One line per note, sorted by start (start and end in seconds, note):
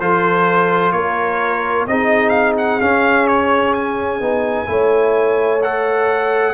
0.00 0.93 F3
0.00 1.88 F4
0.00 0.95 A4
0.00 0.92 C5
0.92 1.86 A#3
0.92 1.89 A#4
0.92 1.86 C#5
1.87 2.80 C4
1.87 2.81 D#4
1.87 4.70 G#4
1.87 2.29 D#5
2.29 2.53 F5
2.58 2.81 F#5
2.81 4.21 C#4
2.81 3.27 F5
3.27 3.74 C#5
3.74 5.61 G#5
4.21 4.67 B3
4.21 4.66 D#4
4.66 6.54 A3
4.66 5.60 E4
4.66 6.54 C#5
5.63 6.54 A4
5.63 6.54 F#5